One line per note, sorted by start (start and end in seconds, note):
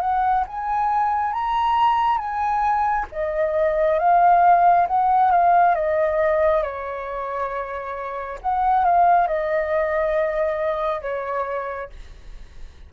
0.00 0.44 F#5
0.47 1.33 G#5
1.33 2.18 A#5
2.18 3.06 G#5
3.12 3.99 D#5
3.99 4.87 F5
4.87 5.31 F#5
5.31 5.75 F5
5.75 6.62 D#5
6.62 8.39 C#5
8.41 8.84 F#5
8.84 9.27 F5
9.27 11.01 D#5
11.01 11.90 C#5